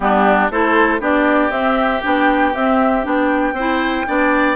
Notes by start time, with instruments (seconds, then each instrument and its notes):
0.00 bassoon G3, clarinet B3, oboe D4, flute G4
0.50 bassoon A3, clarinet E4, oboe A4, flute C5
1.00 bassoon B3, clarinet D4, oboe G4, flute D5
1.50 bassoon C4, clarinet C4, flute E5
2.02 bassoon B3, clarinet D4, flute G5
2.54 bassoon C4, clarinet C4, flute E5
3.02 bassoon B3, clarinet D4, flute G5
3.52 bassoon C4, oboe C5
3.59 clarinet E4
4.06 bassoon B3, clarinet D4, oboe D5